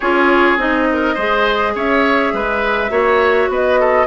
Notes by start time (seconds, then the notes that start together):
0.00 C#4 F4 G#4 C#5
0.56 C4 D#4 D#5
0.92 A#4
1.14 G#3 G#4 C5
1.75 C#4 C#5 E5
2.33 G#3 B4
2.90 A#3 F#4 C#5
3.48 B3 B4 D#5
3.80 A4